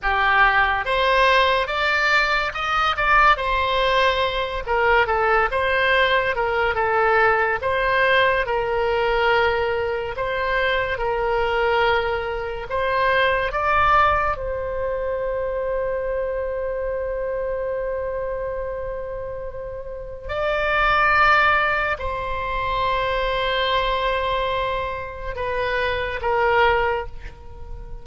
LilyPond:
\new Staff \with { instrumentName = "oboe" } { \time 4/4 \tempo 4 = 71 g'4 c''4 d''4 dis''8 d''8 | c''4. ais'8 a'8 c''4 ais'8 | a'4 c''4 ais'2 | c''4 ais'2 c''4 |
d''4 c''2.~ | c''1 | d''2 c''2~ | c''2 b'4 ais'4 | }